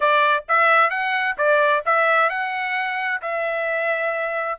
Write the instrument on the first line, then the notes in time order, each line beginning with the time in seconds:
trumpet
0.00 D5
0.48 E5
0.90 F#5
1.37 D5
1.85 E5
2.29 F#5
3.21 E5